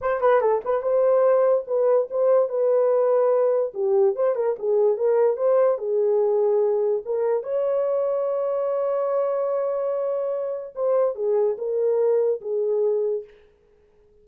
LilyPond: \new Staff \with { instrumentName = "horn" } { \time 4/4 \tempo 4 = 145 c''8 b'8 a'8 b'8 c''2 | b'4 c''4 b'2~ | b'4 g'4 c''8 ais'8 gis'4 | ais'4 c''4 gis'2~ |
gis'4 ais'4 cis''2~ | cis''1~ | cis''2 c''4 gis'4 | ais'2 gis'2 | }